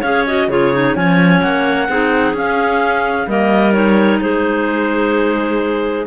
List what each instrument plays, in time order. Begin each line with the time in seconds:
0.00 cello C#4, clarinet G#4 C#5 F5
0.26 clarinet F#4 D#5
0.48 cello C#3, clarinet F4 G#4 C#5
0.73 clarinet D#4
0.94 cello F3, clarinet C#4 C#5 G#5
1.41 cello A#3, clarinet F#5
1.88 cello C4, clarinet D#4 G#4
2.33 cello C#4, clarinet C#4 F5
3.26 cello G3, clarinet A#3 A#4 D#5
3.72 clarinet D#4 C#5
4.20 cello G#3, clarinet G#4 C5